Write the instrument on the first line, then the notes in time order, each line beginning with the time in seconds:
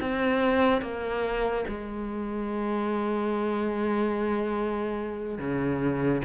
cello
0.00 C4
0.81 A#3
1.68 G#3
5.38 C#3